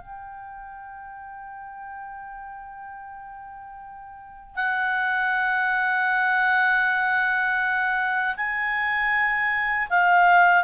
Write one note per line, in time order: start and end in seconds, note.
0.00 4.55 G5
4.55 8.35 F#5
8.36 9.88 G#5
9.89 10.63 F5